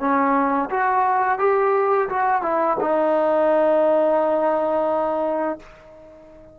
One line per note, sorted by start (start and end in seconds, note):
0.00 0.70 C#4
0.70 1.39 F#4
1.39 2.09 G4
2.09 2.42 F#4
2.42 2.77 E4
2.80 5.59 D#4